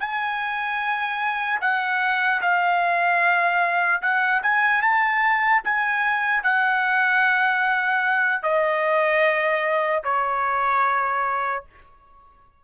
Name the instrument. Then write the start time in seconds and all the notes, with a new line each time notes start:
trumpet
0.00 G#5
1.61 F#5
2.42 F5
4.02 F#5
4.43 G#5
4.82 A5
5.64 G#5
6.43 F#5
8.43 D#5
10.04 C#5